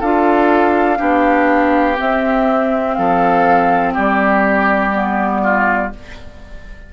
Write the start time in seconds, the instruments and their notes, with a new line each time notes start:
0.00 bassoon D4, clarinet F4, oboe A4, flute F5
0.97 bassoon B3, clarinet D4, oboe G4
1.97 clarinet C4, bassoon C4, flute E5
2.94 bassoon F3, oboe A4, flute F5
3.94 bassoon G3, oboe G4, flute D5
4.92 clarinet B3
5.43 oboe F4